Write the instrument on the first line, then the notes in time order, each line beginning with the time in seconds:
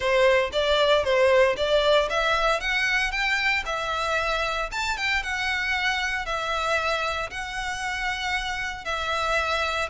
violin
0.00 C5
0.52 D5
1.04 C5
1.57 D5
2.09 E5
2.60 F#5
3.11 G5
3.65 E5
4.71 A5
4.97 G5
5.22 F#5
6.25 E5
7.30 F#5
8.85 E5